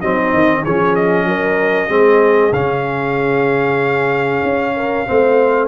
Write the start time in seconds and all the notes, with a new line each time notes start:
0.00 F#3 C4 D#4 D#5
0.33 D#3
0.62 F3 C#4 G#4 C#5
0.95 D#5
1.25 F#3 A#4
1.88 G#3 C4 G#4
2.52 C#3 C#4 F5
4.43 C#4
4.76 A#4
5.06 A3 C4 C5